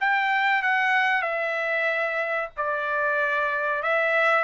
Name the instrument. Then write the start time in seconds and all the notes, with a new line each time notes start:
trumpet
0.00 G5
0.62 F#5
1.22 E5
2.57 D5
3.83 E5